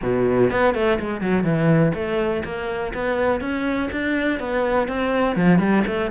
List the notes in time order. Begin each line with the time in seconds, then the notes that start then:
0.02 B2
0.50 B3
0.74 A3
0.99 G#3
1.21 F#3
1.43 E3
1.94 A3
2.44 A#3
2.94 B3
3.40 C#4
3.91 D4
4.39 B3
4.88 C4
5.36 F3
5.59 G3
5.86 A3